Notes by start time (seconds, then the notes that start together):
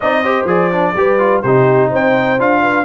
0.00 C4 D#4 D5 D#5
0.22 G4 C5
0.44 F3 G#4 D5
0.71 D4
0.95 G3 G4 B4
1.18 F4
1.42 C3 D#4 G4 C5
1.88 C4 C5
1.95 G5
2.38 D4 F4 F5
2.61 B4